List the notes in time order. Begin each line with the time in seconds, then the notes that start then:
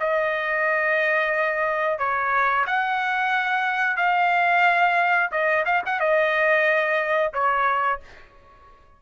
0.00 D#5
1.99 C#5
2.67 F#5
3.97 F5
5.32 D#5
5.66 F5
5.86 F#5
6.00 D#5
7.34 C#5